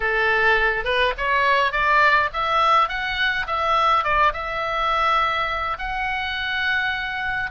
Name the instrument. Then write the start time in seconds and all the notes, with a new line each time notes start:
oboe
0.00 A4
0.84 B4
1.17 C#5
1.72 D5
2.33 E5
2.88 F#5
3.46 E5
4.04 D5
4.33 E5
5.78 F#5